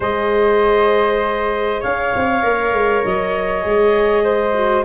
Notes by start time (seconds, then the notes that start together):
0.00 G#3 G#4 C5 D#5
1.80 C#4 C#5 F5
2.15 C4
2.42 A#3 A#4
2.72 G#3
3.04 F#3 D#5
3.62 G#3 G#4
4.23 C5
4.54 F#4